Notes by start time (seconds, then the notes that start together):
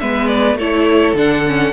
0.00 G#3 B3 B4 E5
0.28 D5
0.55 A3 E4 A4 C#5
1.14 D3 D4 F#5
1.47 C#4